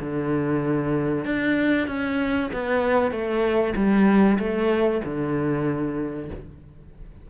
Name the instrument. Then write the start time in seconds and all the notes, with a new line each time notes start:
cello
0.00 D3
1.25 D4
1.87 C#4
2.53 B3
3.11 A3
3.76 G3
4.39 A3
5.05 D3